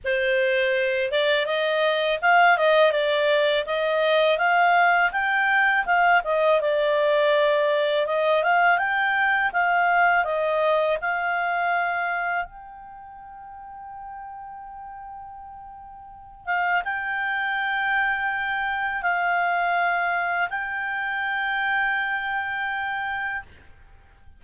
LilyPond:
\new Staff \with { instrumentName = "clarinet" } { \time 4/4 \tempo 4 = 82 c''4. d''8 dis''4 f''8 dis''8 | d''4 dis''4 f''4 g''4 | f''8 dis''8 d''2 dis''8 f''8 | g''4 f''4 dis''4 f''4~ |
f''4 g''2.~ | g''2~ g''8 f''8 g''4~ | g''2 f''2 | g''1 | }